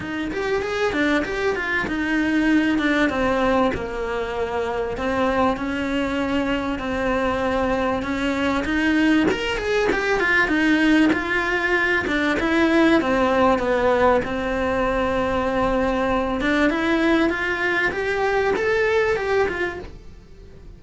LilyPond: \new Staff \with { instrumentName = "cello" } { \time 4/4 \tempo 4 = 97 dis'8 g'8 gis'8 d'8 g'8 f'8 dis'4~ | dis'8 d'8 c'4 ais2 | c'4 cis'2 c'4~ | c'4 cis'4 dis'4 ais'8 gis'8 |
g'8 f'8 dis'4 f'4. d'8 | e'4 c'4 b4 c'4~ | c'2~ c'8 d'8 e'4 | f'4 g'4 a'4 g'8 f'8 | }